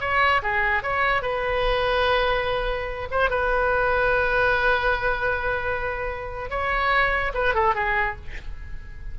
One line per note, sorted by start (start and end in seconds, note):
0.00 0.41 C#5
0.42 0.82 G#4
0.82 1.22 C#5
1.22 3.08 B4
3.11 3.30 C5
3.30 6.49 B4
6.49 7.32 C#5
7.34 7.54 B4
7.54 7.74 A4
7.74 8.16 G#4